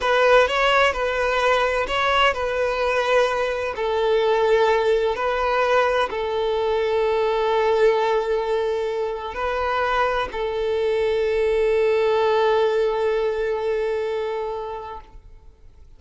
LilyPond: \new Staff \with { instrumentName = "violin" } { \time 4/4 \tempo 4 = 128 b'4 cis''4 b'2 | cis''4 b'2. | a'2. b'4~ | b'4 a'2.~ |
a'1 | b'2 a'2~ | a'1~ | a'1 | }